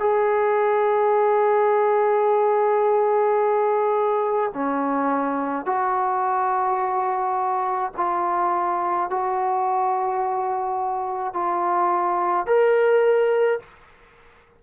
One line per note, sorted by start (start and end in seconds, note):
0.00 4.53 G#4
4.54 5.66 C#4
5.66 7.92 F#4
7.98 9.10 F4
9.10 11.34 F#4
11.34 12.47 F4
12.47 13.60 A#4